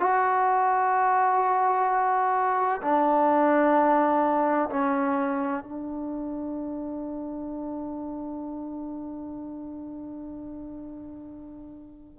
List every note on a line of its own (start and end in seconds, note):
0.00 2.81 F#4
2.82 4.70 D4
4.70 5.64 C#4
5.64 12.20 D4